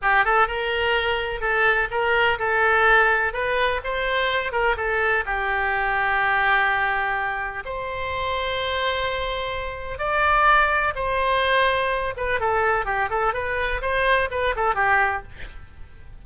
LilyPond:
\new Staff \with { instrumentName = "oboe" } { \time 4/4 \tempo 4 = 126 g'8 a'8 ais'2 a'4 | ais'4 a'2 b'4 | c''4. ais'8 a'4 g'4~ | g'1 |
c''1~ | c''4 d''2 c''4~ | c''4. b'8 a'4 g'8 a'8 | b'4 c''4 b'8 a'8 g'4 | }